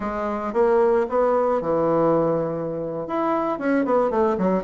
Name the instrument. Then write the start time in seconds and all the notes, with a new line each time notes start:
bassoon
0.00 G#3
0.53 A#3
1.09 B3
1.61 E3
3.07 E4
3.58 C#4
3.85 B3
4.10 A3
4.38 F#3